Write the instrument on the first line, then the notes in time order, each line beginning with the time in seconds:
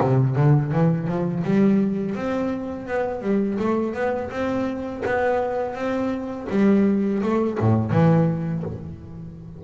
double bass
0.00 C3
0.35 D3
0.71 E3
1.07 F3
1.44 G3
2.15 C4
2.87 B3
3.21 G3
3.59 A3
3.94 B3
4.30 C4
5.05 B3
5.75 C4
6.50 G3
7.22 A3
7.59 A2
7.91 E3